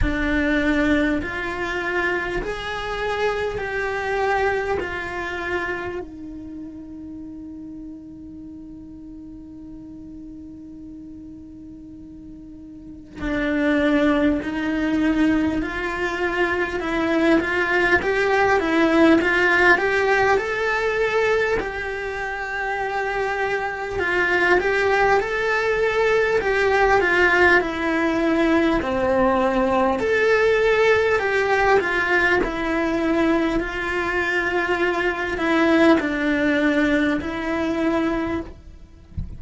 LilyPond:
\new Staff \with { instrumentName = "cello" } { \time 4/4 \tempo 4 = 50 d'4 f'4 gis'4 g'4 | f'4 dis'2.~ | dis'2. d'4 | dis'4 f'4 e'8 f'8 g'8 e'8 |
f'8 g'8 a'4 g'2 | f'8 g'8 a'4 g'8 f'8 e'4 | c'4 a'4 g'8 f'8 e'4 | f'4. e'8 d'4 e'4 | }